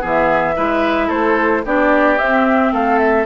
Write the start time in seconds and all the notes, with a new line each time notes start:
0.00 E3 B3 G#4 E5
0.56 G#3 E4 B4
1.08 A3 A4 C5
1.65 B3 D4 G4 D5
2.18 C4 E5
2.72 A3 A4 F5
2.99 E5